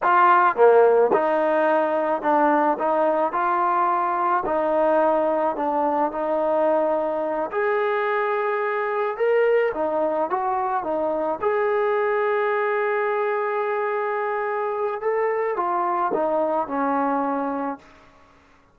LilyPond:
\new Staff \with { instrumentName = "trombone" } { \time 4/4 \tempo 4 = 108 f'4 ais4 dis'2 | d'4 dis'4 f'2 | dis'2 d'4 dis'4~ | dis'4. gis'2~ gis'8~ |
gis'8 ais'4 dis'4 fis'4 dis'8~ | dis'8 gis'2.~ gis'8~ | gis'2. a'4 | f'4 dis'4 cis'2 | }